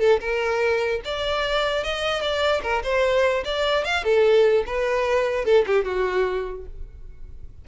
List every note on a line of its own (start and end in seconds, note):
0.00 0.20 A4
0.21 1.01 A#4
1.05 1.84 D5
1.84 2.21 D#5
2.21 2.62 D5
2.63 2.83 A#4
2.84 3.44 C5
3.45 3.85 D5
3.85 4.04 F5
4.04 4.64 A4
4.67 5.45 B4
5.45 5.65 A4
5.67 5.85 G4
5.85 6.66 F#4